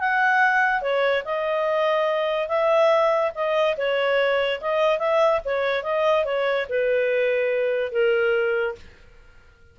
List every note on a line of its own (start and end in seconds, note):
0.00 0.82 F#5
0.82 1.24 C#5
1.25 2.49 D#5
2.49 3.32 E5
3.35 3.77 D#5
3.78 4.61 C#5
4.61 4.99 D#5
4.99 5.41 E5
5.45 5.84 C#5
5.84 6.25 D#5
6.25 6.67 C#5
6.70 7.92 B4
7.92 8.76 A#4